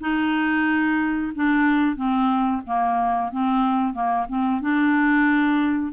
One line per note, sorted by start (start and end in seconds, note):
0.00 1.32 D#4
1.35 1.95 D4
1.95 2.61 C4
2.66 3.31 A#3
3.31 3.93 C4
3.93 4.26 A#3
4.28 4.61 C4
4.61 5.92 D4